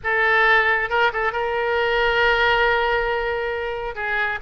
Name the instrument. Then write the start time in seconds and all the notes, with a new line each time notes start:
oboe
0.03 A4
0.89 A#4
1.12 A4
1.32 A#4
3.95 G#4